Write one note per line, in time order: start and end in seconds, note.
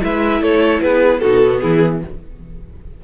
0.00 0.41 G#3
0.00 1.20 E4
0.00 0.42 B4
0.00 0.42 E5
0.41 0.81 A3
0.41 0.82 A4
0.41 0.81 C#5
0.81 1.21 B3
0.81 1.21 G#4
0.81 1.19 B4
1.19 1.63 B2
1.19 1.44 D#4
1.19 1.61 F#4
1.19 1.59 A4
1.44 2.04 B3
1.61 2.04 E3
1.61 2.02 E4
1.61 2.01 G#4